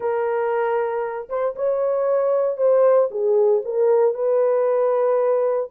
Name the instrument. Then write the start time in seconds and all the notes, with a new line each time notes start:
horn
0.00 A#4
1.29 C5
1.55 C#5
2.57 C5
3.10 G#4
3.64 A#4
4.14 B4